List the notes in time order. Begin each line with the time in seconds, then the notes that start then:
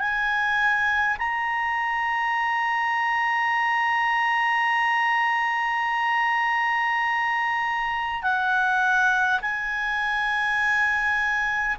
0.00 G#5
1.19 A#5
8.23 F#5
9.42 G#5